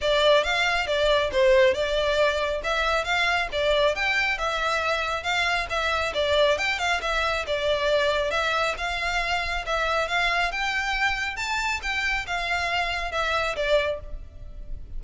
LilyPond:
\new Staff \with { instrumentName = "violin" } { \time 4/4 \tempo 4 = 137 d''4 f''4 d''4 c''4 | d''2 e''4 f''4 | d''4 g''4 e''2 | f''4 e''4 d''4 g''8 f''8 |
e''4 d''2 e''4 | f''2 e''4 f''4 | g''2 a''4 g''4 | f''2 e''4 d''4 | }